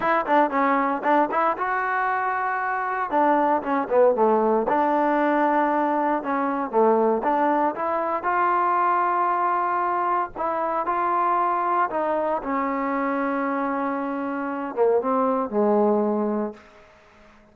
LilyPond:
\new Staff \with { instrumentName = "trombone" } { \time 4/4 \tempo 4 = 116 e'8 d'8 cis'4 d'8 e'8 fis'4~ | fis'2 d'4 cis'8 b8 | a4 d'2. | cis'4 a4 d'4 e'4 |
f'1 | e'4 f'2 dis'4 | cis'1~ | cis'8 ais8 c'4 gis2 | }